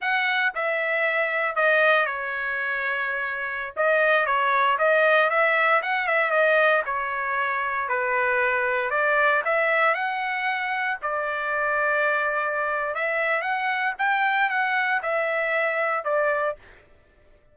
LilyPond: \new Staff \with { instrumentName = "trumpet" } { \time 4/4 \tempo 4 = 116 fis''4 e''2 dis''4 | cis''2.~ cis''16 dis''8.~ | dis''16 cis''4 dis''4 e''4 fis''8 e''16~ | e''16 dis''4 cis''2 b'8.~ |
b'4~ b'16 d''4 e''4 fis''8.~ | fis''4~ fis''16 d''2~ d''8.~ | d''4 e''4 fis''4 g''4 | fis''4 e''2 d''4 | }